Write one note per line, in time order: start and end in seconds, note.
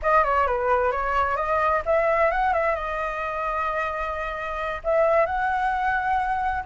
0.02 0.24 D#5
0.24 0.46 C#5
0.46 0.91 B4
0.91 1.36 C#5
1.36 1.82 D#5
1.85 2.31 E5
2.31 2.53 F#5
2.53 2.75 E5
2.75 4.81 D#5
4.84 5.26 E5
5.26 6.63 F#5